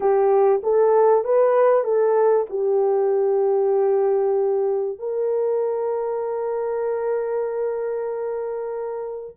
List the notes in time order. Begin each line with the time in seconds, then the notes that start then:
0.00 G4
0.62 A4
1.24 B4
1.84 A4
2.49 G4
4.99 A#4